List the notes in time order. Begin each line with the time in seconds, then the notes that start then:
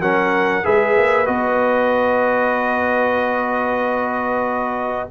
0.00 F#3 C#4 A#4 F#5
0.64 G#3 G#4 B4 E5
0.97 A#3
1.26 B3 F#4 D#5